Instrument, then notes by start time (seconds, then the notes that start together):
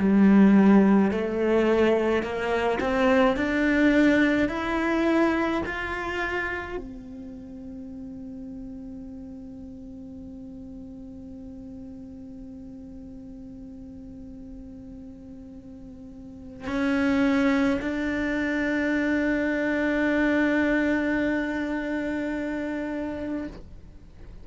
cello
0.00 G3
1.12 A3
2.23 A#3
2.81 C4
3.37 D4
4.49 E4
5.67 F4
6.78 C4
16.68 C#4
17.81 D4